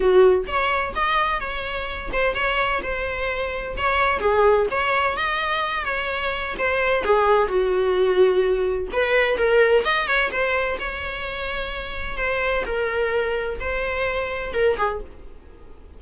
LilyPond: \new Staff \with { instrumentName = "viola" } { \time 4/4 \tempo 4 = 128 fis'4 cis''4 dis''4 cis''4~ | cis''8 c''8 cis''4 c''2 | cis''4 gis'4 cis''4 dis''4~ | dis''8 cis''4. c''4 gis'4 |
fis'2. b'4 | ais'4 dis''8 cis''8 c''4 cis''4~ | cis''2 c''4 ais'4~ | ais'4 c''2 ais'8 gis'8 | }